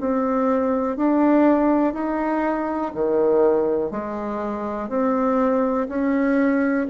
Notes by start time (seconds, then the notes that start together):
0.00 C4
0.97 D4
1.93 D#4
2.94 D#3
3.91 G#3
4.89 C4
5.88 C#4